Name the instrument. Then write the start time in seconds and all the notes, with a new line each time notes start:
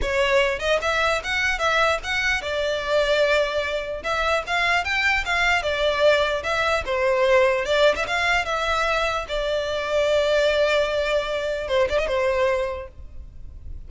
violin
0.01 C#5
0.59 D#5
0.81 E5
1.23 F#5
1.58 E5
2.03 F#5
2.41 D5
4.03 E5
4.46 F5
4.84 G5
5.25 F5
5.62 D5
6.43 E5
6.85 C5
7.65 D5
7.95 E5
8.07 F5
8.45 E5
9.28 D5
11.68 C5
11.89 D5
11.98 D#5
12.07 C5